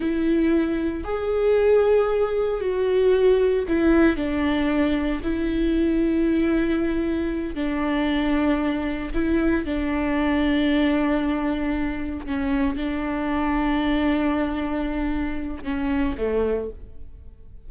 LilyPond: \new Staff \with { instrumentName = "viola" } { \time 4/4 \tempo 4 = 115 e'2 gis'2~ | gis'4 fis'2 e'4 | d'2 e'2~ | e'2~ e'8 d'4.~ |
d'4. e'4 d'4.~ | d'2.~ d'8 cis'8~ | cis'8 d'2.~ d'8~ | d'2 cis'4 a4 | }